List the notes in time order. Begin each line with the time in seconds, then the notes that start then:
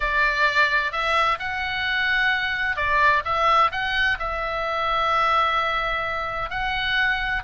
0.00 D5
0.92 E5
1.39 F#5
2.76 D5
3.24 E5
3.71 F#5
4.19 E5
6.49 F#5